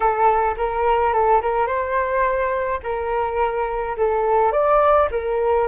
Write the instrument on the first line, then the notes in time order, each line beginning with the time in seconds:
flute
0.00 A4
0.57 A#4
1.13 A4
1.42 A#4
1.66 C5
2.83 A#4
3.97 A4
4.52 D5
5.11 A#4